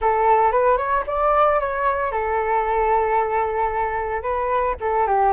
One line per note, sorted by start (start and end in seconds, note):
0.01 0.51 A4
0.51 0.77 B4
0.77 1.04 C#5
1.06 1.60 D5
1.60 2.11 C#5
2.11 4.22 A4
4.22 4.75 B4
4.80 5.06 A4
5.06 5.32 G4